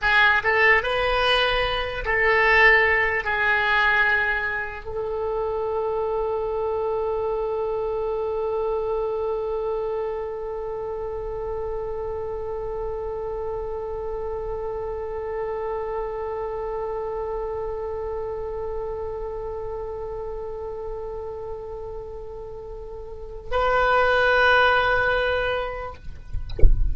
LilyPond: \new Staff \with { instrumentName = "oboe" } { \time 4/4 \tempo 4 = 74 gis'8 a'8 b'4. a'4. | gis'2 a'2~ | a'1~ | a'1~ |
a'1~ | a'1~ | a'1~ | a'4 b'2. | }